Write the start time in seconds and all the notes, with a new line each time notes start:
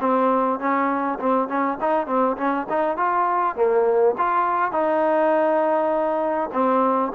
0.00 C4
0.59 C#4
1.19 C4
1.48 C#4
1.81 D#4
2.07 C4
2.37 C#4
2.69 D#4
2.97 F4
3.56 A#3
4.18 F4
4.72 D#4
6.53 C4